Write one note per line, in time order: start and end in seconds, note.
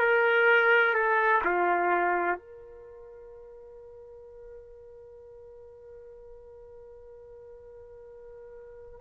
0.00 0.94 A#4
0.94 1.42 A4
1.45 2.39 F4
2.39 9.01 A#4